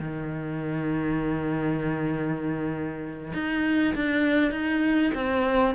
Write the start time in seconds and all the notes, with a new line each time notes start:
0.00 D#3
3.34 D#4
3.95 D4
4.52 D#4
5.15 C4